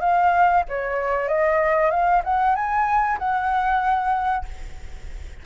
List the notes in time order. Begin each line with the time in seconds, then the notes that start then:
0.00 F5
0.68 C#5
1.28 D#5
1.90 F5
2.24 F#5
2.55 G#5
3.18 F#5